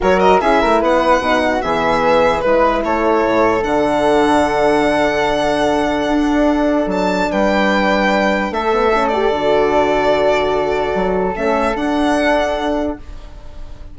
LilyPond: <<
  \new Staff \with { instrumentName = "violin" } { \time 4/4 \tempo 4 = 148 cis''8 dis''8 e''4 fis''2 | e''2 b'4 cis''4~ | cis''4 fis''2.~ | fis''1~ |
fis''4 a''4 g''2~ | g''4 e''4. d''4.~ | d''1 | e''4 fis''2. | }
  \new Staff \with { instrumentName = "flute" } { \time 4/4 ais'4 gis'8 ais'8 b'4. fis'8 | gis'2 b'4 a'4~ | a'1~ | a'1~ |
a'2 b'2~ | b'4 a'2.~ | a'1~ | a'1 | }
  \new Staff \with { instrumentName = "horn" } { \time 4/4 fis'4 e'2 dis'4 | b2 e'2~ | e'4 d'2.~ | d'1~ |
d'1~ | d'4. b8 cis'8 g'8 fis'4~ | fis'1 | cis'4 d'2. | }
  \new Staff \with { instrumentName = "bassoon" } { \time 4/4 fis4 cis'8 a8 b4 b,4 | e2 gis4 a4 | a,4 d2.~ | d2. d'4~ |
d'4 fis4 g2~ | g4 a2 d4~ | d2. fis4 | a4 d'2. | }
>>